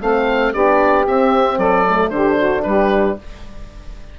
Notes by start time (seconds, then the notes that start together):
0.00 A3 C4 A4 F5
0.52 B3 D4 G4 D5
1.07 C4 E5
1.57 F#3 A4 D5
1.87 A3
2.09 D3 D4 G4 C5
2.37 F#4
2.63 G3 G4 B4